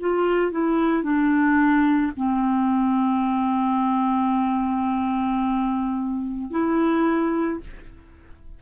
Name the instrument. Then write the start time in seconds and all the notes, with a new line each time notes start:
clarinet
0.00 F4
0.52 E4
1.03 D4
2.17 C4
6.51 E4